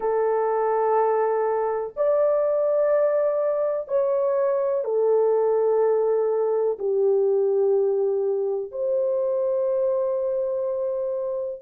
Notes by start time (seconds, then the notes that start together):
0.00 A4
1.96 D5
3.88 C#5
4.84 A4
6.78 G4
8.71 C5